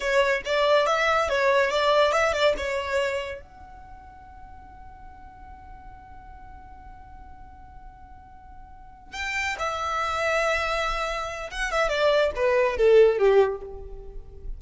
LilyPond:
\new Staff \with { instrumentName = "violin" } { \time 4/4 \tempo 4 = 141 cis''4 d''4 e''4 cis''4 | d''4 e''8 d''8 cis''2 | fis''1~ | fis''1~ |
fis''1~ | fis''4. g''4 e''4.~ | e''2. fis''8 e''8 | d''4 b'4 a'4 g'4 | }